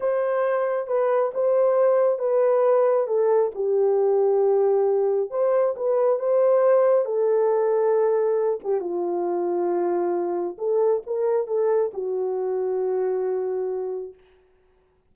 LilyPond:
\new Staff \with { instrumentName = "horn" } { \time 4/4 \tempo 4 = 136 c''2 b'4 c''4~ | c''4 b'2 a'4 | g'1 | c''4 b'4 c''2 |
a'2.~ a'8 g'8 | f'1 | a'4 ais'4 a'4 fis'4~ | fis'1 | }